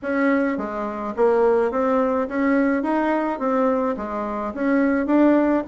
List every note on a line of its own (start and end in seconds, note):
0.02 0.57 C#4
0.57 1.14 G#3
1.16 1.71 A#3
1.71 2.28 C4
2.28 2.83 C#4
2.83 3.39 D#4
3.39 3.95 C4
3.96 4.53 G#3
4.54 5.06 C#4
5.06 5.63 D4